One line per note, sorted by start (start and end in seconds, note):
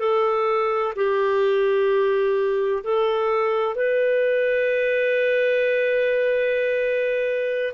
0.00 0.94 A4
0.96 2.83 G4
2.84 3.76 A4
3.76 7.74 B4